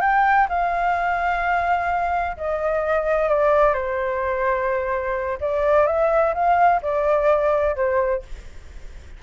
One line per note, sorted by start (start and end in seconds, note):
0.00 0.47 G5
0.49 2.36 F5
2.36 3.28 D#5
3.28 3.74 D5
3.74 5.38 C5
5.40 5.86 D5
5.86 6.33 E5
6.34 6.81 F5
6.82 7.75 D5
7.75 8.22 C5